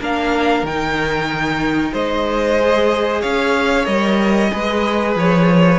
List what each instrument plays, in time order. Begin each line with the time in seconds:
0.00 cello A#3, viola D4, violin A#4 F5
0.63 cello D#3, viola D#4, violin G5
1.92 cello G#3, violin C5 D#5
2.59 viola G#4
3.22 cello C#4, violin C#5 F5
3.85 cello G3, viola A#4, violin D#5
4.51 cello G#3, viola G#4, violin B4
5.16 cello F3, violin C#5